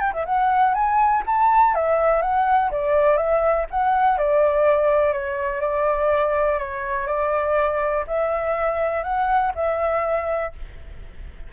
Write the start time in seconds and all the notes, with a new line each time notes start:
0.00 G5
0.13 E5
0.25 F#5
0.74 G#5
1.26 A5
1.75 E5
2.22 F#5
2.71 D5
3.17 E5
3.71 F#5
4.18 D5
5.13 C#5
5.61 D5
6.59 C#5
7.07 D5
8.07 E5
9.03 F#5
9.55 E5